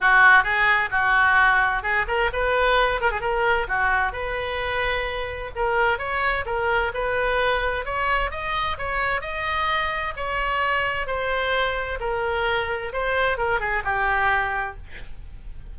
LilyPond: \new Staff \with { instrumentName = "oboe" } { \time 4/4 \tempo 4 = 130 fis'4 gis'4 fis'2 | gis'8 ais'8 b'4. ais'16 gis'16 ais'4 | fis'4 b'2. | ais'4 cis''4 ais'4 b'4~ |
b'4 cis''4 dis''4 cis''4 | dis''2 cis''2 | c''2 ais'2 | c''4 ais'8 gis'8 g'2 | }